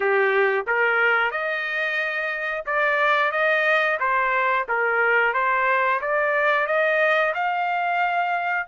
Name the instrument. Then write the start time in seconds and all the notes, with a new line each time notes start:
trumpet
0.00 G4
0.67 A#4
1.31 D#5
2.65 D5
3.32 D#5
3.99 C5
4.68 A#4
5.33 C5
6.01 D5
6.67 D#5
7.34 F5